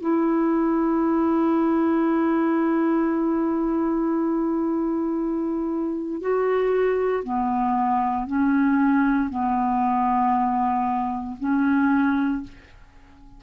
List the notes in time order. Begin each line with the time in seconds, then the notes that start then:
0.00 E4
6.21 F#4
7.23 B3
8.27 C#4
9.29 B3
11.39 C#4